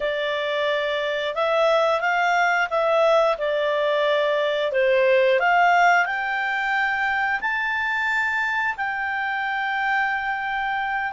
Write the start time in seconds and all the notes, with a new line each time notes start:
0.00 D5
1.35 E5
2.00 F5
2.70 E5
3.38 D5
4.72 C5
5.39 F5
6.05 G5
7.40 A5
8.76 G5